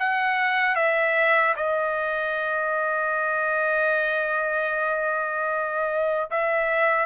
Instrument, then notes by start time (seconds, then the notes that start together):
trumpet
0.00 F#5
0.76 E5
1.56 D#5
6.31 E5